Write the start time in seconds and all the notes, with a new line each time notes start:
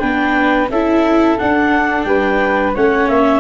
0.00 B3 D4 B4 G5
0.70 C#4 E4 A4 E5
1.38 D4 F#5
2.04 G3 B4 G5
2.75 A3 C#4 C#5 F#5
3.09 A#3 E5